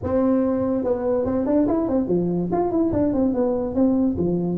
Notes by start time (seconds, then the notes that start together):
0.03 C4
0.84 B3
1.25 C4
1.46 D4
1.67 E4
1.88 C4
2.07 F3
2.52 F4
2.71 E4
2.92 D4
3.13 C4
3.34 B3
3.74 C4
4.17 F3